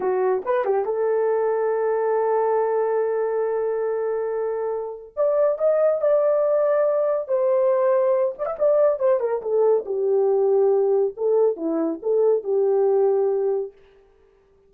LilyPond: \new Staff \with { instrumentName = "horn" } { \time 4/4 \tempo 4 = 140 fis'4 b'8 g'8 a'2~ | a'1~ | a'1 | d''4 dis''4 d''2~ |
d''4 c''2~ c''8 d''16 e''16 | d''4 c''8 ais'8 a'4 g'4~ | g'2 a'4 e'4 | a'4 g'2. | }